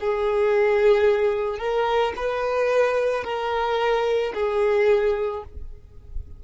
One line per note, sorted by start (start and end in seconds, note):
0.00 1.58 G#4
1.58 2.13 A#4
2.16 3.24 B4
3.24 4.33 A#4
4.34 5.43 G#4